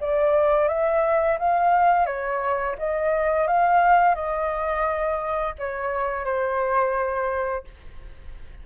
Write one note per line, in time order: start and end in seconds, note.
0.00 0.68 D5
0.68 1.38 E5
1.39 2.05 F5
2.05 2.75 C#5
2.78 3.47 D#5
3.47 4.14 F5
4.14 5.54 D#5
5.58 6.24 C#5
6.24 7.64 C5